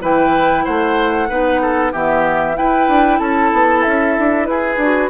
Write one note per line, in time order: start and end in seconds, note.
0.00 0.65 E3
0.00 1.28 E4
0.00 0.64 B4
0.00 0.64 G5
0.64 1.29 A3
0.64 1.28 C5
0.64 1.92 F#5
1.29 1.93 B3
1.29 1.92 D#4
1.29 1.61 B4
1.61 1.92 A4
1.92 2.58 E3
1.92 2.54 B3
1.92 2.56 G4
1.92 2.57 E5
2.54 4.77 E4
2.54 2.88 E4
2.54 3.19 B4
2.54 3.19 G5
2.88 3.19 D4
3.19 3.51 C#4
3.19 4.47 A4
3.19 3.82 A5
3.53 3.84 B3
3.82 4.18 C#4
3.82 4.45 E5
4.18 4.48 D4
4.45 4.76 E4
4.45 5.09 G#4
4.45 5.09 B4
4.76 5.08 D4
4.76 5.09 F#4